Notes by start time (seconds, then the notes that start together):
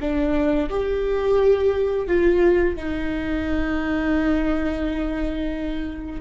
0.00 D4
0.70 G4
2.07 F4
2.76 D#4